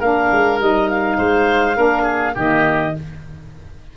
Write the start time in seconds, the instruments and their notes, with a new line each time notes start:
0.00 tuba A#3, saxophone D4, oboe A#4, clarinet F5
0.33 tuba G#3
0.59 tuba G3, saxophone D#4, clarinet D#5
0.90 clarinet F5
1.18 tuba G#3, oboe C5
1.75 tuba A#3, saxophone D4, oboe A#4
2.03 oboe G#4
2.35 tuba D#3, saxophone A#3, oboe G4, clarinet D#5